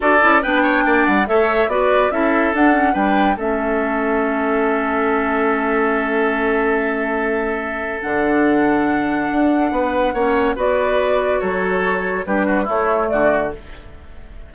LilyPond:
<<
  \new Staff \with { instrumentName = "flute" } { \time 4/4 \tempo 4 = 142 d''4 g''4. fis''8 e''4 | d''4 e''4 fis''4 g''4 | e''1~ | e''1~ |
e''2. fis''4~ | fis''1~ | fis''4 d''2 cis''4~ | cis''4 b'4 cis''4 d''4 | }
  \new Staff \with { instrumentName = "oboe" } { \time 4/4 a'4 b'8 cis''8 d''4 cis''4 | b'4 a'2 b'4 | a'1~ | a'1~ |
a'1~ | a'2. b'4 | cis''4 b'2 a'4~ | a'4 g'8 fis'8 e'4 fis'4 | }
  \new Staff \with { instrumentName = "clarinet" } { \time 4/4 fis'8 e'8 d'2 a'4 | fis'4 e'4 d'8 cis'8 d'4 | cis'1~ | cis'1~ |
cis'2. d'4~ | d'1 | cis'4 fis'2.~ | fis'4 d'4 a2 | }
  \new Staff \with { instrumentName = "bassoon" } { \time 4/4 d'8 cis'8 b4 ais8 g8 a4 | b4 cis'4 d'4 g4 | a1~ | a1~ |
a2. d4~ | d2 d'4 b4 | ais4 b2 fis4~ | fis4 g4 a4 d4 | }
>>